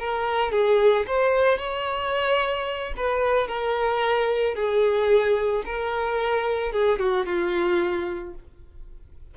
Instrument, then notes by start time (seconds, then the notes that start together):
violin
0.00 A#4
0.52 G#4
1.07 C5
1.59 C#5
2.97 B4
3.48 A#4
4.56 G#4
5.66 A#4
6.73 G#4
6.99 F#4
7.26 F4